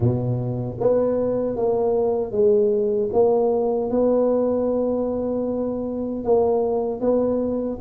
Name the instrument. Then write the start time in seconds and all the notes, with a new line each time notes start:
tuba
0.00 B2
0.80 B3
1.56 A#3
2.31 G#3
3.12 A#3
3.90 B3
6.24 A#3
7.00 B3